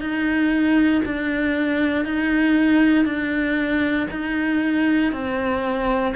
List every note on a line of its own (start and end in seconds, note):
0.00 1.02 D#4
1.05 2.05 D4
2.05 3.05 D#4
3.05 4.06 D4
4.10 5.12 D#4
5.12 6.14 C4